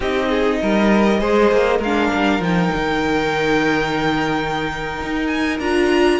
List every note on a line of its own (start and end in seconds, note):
0.00 0.60 C4
0.00 1.19 D#4
0.00 0.28 G4
0.00 1.82 D#5
0.29 0.59 G#4
0.61 1.21 G3
0.61 1.20 A#4
1.19 1.51 G#3
1.19 1.79 G#4
1.19 1.78 C5
1.51 1.79 A#3
1.78 2.09 G#3
1.78 6.18 A#4
1.78 2.43 F5
1.85 2.41 D4
2.14 2.39 G3
2.39 2.70 F3
2.39 5.59 D#4
2.39 5.26 G5
2.74 5.02 D#3
5.02 5.59 D#4
5.26 5.57 G#5
5.59 6.19 D4
5.59 6.19 F4
5.59 6.19 A#5